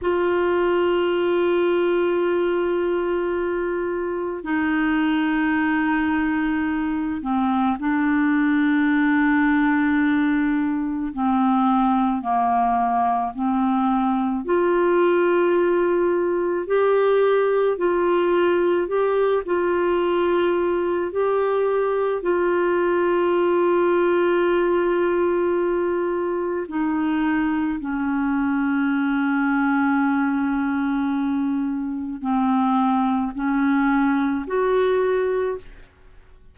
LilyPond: \new Staff \with { instrumentName = "clarinet" } { \time 4/4 \tempo 4 = 54 f'1 | dis'2~ dis'8 c'8 d'4~ | d'2 c'4 ais4 | c'4 f'2 g'4 |
f'4 g'8 f'4. g'4 | f'1 | dis'4 cis'2.~ | cis'4 c'4 cis'4 fis'4 | }